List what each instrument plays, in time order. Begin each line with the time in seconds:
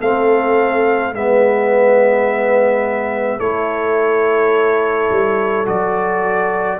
0.00 tuba A3, trombone C4, horn A4, trumpet F5
1.13 tuba G#3, trombone B3, horn B4, trumpet E5
3.38 tuba A3, trombone E4, horn A4, trumpet C#5
5.11 tuba G3
5.66 tuba F#3, trombone F#4, trumpet D5